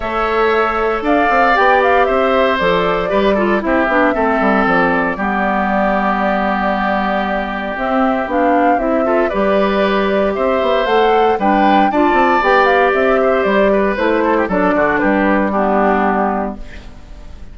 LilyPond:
<<
  \new Staff \with { instrumentName = "flute" } { \time 4/4 \tempo 4 = 116 e''2 f''4 g''8 f''8 | e''4 d''2 e''4~ | e''4 d''2.~ | d''2. e''4 |
f''4 e''4 d''2 | e''4 fis''4 g''4 a''4 | g''8 f''8 e''4 d''4 c''4 | d''4 b'4 g'2 | }
  \new Staff \with { instrumentName = "oboe" } { \time 4/4 cis''2 d''2 | c''2 b'8 a'8 g'4 | a'2 g'2~ | g'1~ |
g'4. a'8 b'2 | c''2 b'4 d''4~ | d''4. c''4 b'4 a'16 g'16 | a'8 fis'8 g'4 d'2 | }
  \new Staff \with { instrumentName = "clarinet" } { \time 4/4 a'2. g'4~ | g'4 a'4 g'8 f'8 e'8 d'8 | c'2 b2~ | b2. c'4 |
d'4 e'8 f'8 g'2~ | g'4 a'4 d'4 f'4 | g'2. e'4 | d'2 b2 | }
  \new Staff \with { instrumentName = "bassoon" } { \time 4/4 a2 d'8 c'8 b4 | c'4 f4 g4 c'8 b8 | a8 g8 f4 g2~ | g2. c'4 |
b4 c'4 g2 | c'8 b8 a4 g4 d'8 c'8 | b4 c'4 g4 a4 | fis8 d8 g2. | }
>>